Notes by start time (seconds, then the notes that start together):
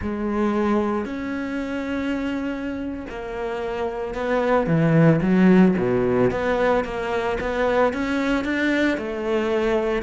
0.01 G#3
1.05 C#4
3.09 A#3
4.14 B3
4.66 E3
5.21 F#3
5.77 B2
6.31 B3
6.84 A#3
7.40 B3
7.93 C#4
8.44 D4
8.97 A3